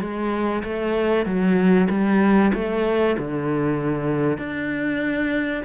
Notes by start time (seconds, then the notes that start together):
0.00 G#3
0.63 A3
1.25 F#3
1.89 G3
2.53 A3
3.18 D3
4.38 D4